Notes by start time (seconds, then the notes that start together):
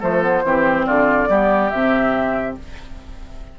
0.00 F3 A3 A4 C5
0.22 B3
0.43 E3 C4 G4
0.86 D3 F4 D5
1.28 G3 B3 G4
1.70 C3 C4 E5